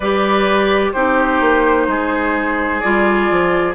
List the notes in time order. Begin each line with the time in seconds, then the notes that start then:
0.00 G3 G4 B4 D5
0.92 C4 D#4 G4 C5
1.40 A#3
1.87 G#3 G#4
2.79 G3 F4 D5
3.30 F3